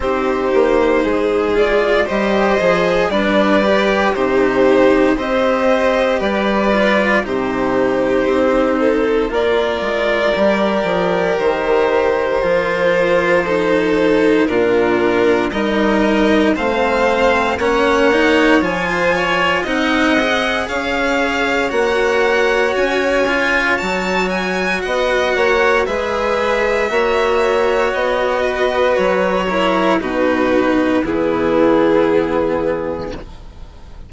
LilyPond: <<
  \new Staff \with { instrumentName = "violin" } { \time 4/4 \tempo 4 = 58 c''4. d''8 dis''4 d''4 | c''4 dis''4 d''4 c''4~ | c''4 d''2 c''4~ | c''2 ais'4 dis''4 |
f''4 fis''4 gis''4 fis''4 | f''4 fis''4 gis''4 a''8 gis''8 | fis''4 e''2 dis''4 | cis''4 b'4 gis'2 | }
  \new Staff \with { instrumentName = "violin" } { \time 4/4 g'4 gis'4 c''4 b'4 | g'4 c''4 b'4 g'4~ | g'8 a'8 ais'2.~ | ais'4 a'4 f'4 ais'4 |
c''4 cis''4~ cis''16 c''16 cis''8 dis''4 | cis''1 | dis''8 cis''8 b'4 cis''4. b'8~ | b'8 ais'8 fis'4 e'2 | }
  \new Staff \with { instrumentName = "cello" } { \time 4/4 dis'4. f'8 g'8 gis'8 d'8 g'8 | dis'4 g'4. f'8 dis'4~ | dis'4 f'4 g'2 | f'4 dis'4 d'4 dis'4 |
c'4 cis'8 dis'8 f'4 dis'8 gis'8~ | gis'4 fis'4. f'8 fis'4~ | fis'4 gis'4 fis'2~ | fis'8 e'8 dis'4 b2 | }
  \new Staff \with { instrumentName = "bassoon" } { \time 4/4 c'8 ais8 gis4 g8 f8 g4 | c4 c'4 g4 c4 | c'4 ais8 gis8 g8 f8 dis4 | f2 ais,4 g4 |
a4 ais4 f4 c'4 | cis'4 ais4 cis'4 fis4 | b8 ais8 gis4 ais4 b4 | fis4 b,4 e2 | }
>>